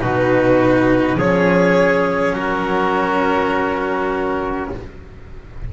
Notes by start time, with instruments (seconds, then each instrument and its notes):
0.00 double bass B2, cello D#4, trumpet F#4, violin B4
1.15 double bass F3, cello C#4, trumpet G#4, violin C#5
2.33 double bass F#3, trumpet F#4, violin A#4